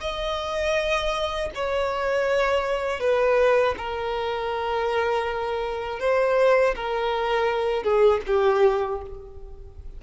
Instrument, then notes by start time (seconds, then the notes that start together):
violin
0.00 D#5
1.54 C#5
3.00 B4
3.77 A#4
5.99 C5
6.75 A#4
7.83 G#4
8.26 G4